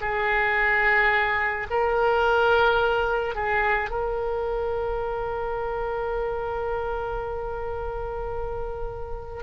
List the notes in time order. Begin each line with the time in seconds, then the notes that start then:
0.00 G#4
1.70 A#4
3.35 G#4
3.90 A#4